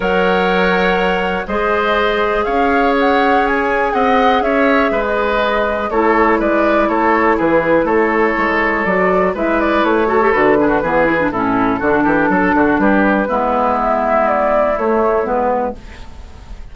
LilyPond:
<<
  \new Staff \with { instrumentName = "flute" } { \time 4/4 \tempo 4 = 122 fis''2. dis''4~ | dis''4 f''4 fis''4 gis''4 | fis''4 e''4~ e''16 dis''4.~ dis''16 | cis''4 d''4 cis''4 b'4 |
cis''2 d''4 e''8 d''8 | cis''4 b'2 a'4~ | a'2 b'2 | e''4 d''4 cis''4 b'4 | }
  \new Staff \with { instrumentName = "oboe" } { \time 4/4 cis''2. c''4~ | c''4 cis''2. | dis''4 cis''4 b'2 | a'4 b'4 a'4 gis'4 |
a'2. b'4~ | b'8 a'4 gis'16 fis'16 gis'4 e'4 | fis'8 g'8 a'8 fis'8 g'4 e'4~ | e'1 | }
  \new Staff \with { instrumentName = "clarinet" } { \time 4/4 ais'2. gis'4~ | gis'1~ | gis'1 | e'1~ |
e'2 fis'4 e'4~ | e'8 fis'16 g'16 fis'8 d'8 b8 e'16 d'16 cis'4 | d'2. b4~ | b2 a4 b4 | }
  \new Staff \with { instrumentName = "bassoon" } { \time 4/4 fis2. gis4~ | gis4 cis'2. | c'4 cis'4 gis2 | a4 gis4 a4 e4 |
a4 gis4 fis4 gis4 | a4 d4 e4 a,4 | d8 e8 fis8 d8 g4 gis4~ | gis2 a4 gis4 | }
>>